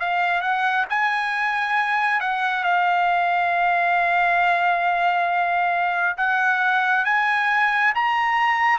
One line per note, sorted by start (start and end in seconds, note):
0.00 0.41 F5
0.41 0.85 F#5
0.90 2.21 G#5
2.21 2.64 F#5
2.64 6.17 F5
6.18 7.05 F#5
7.05 7.93 G#5
7.95 8.79 A#5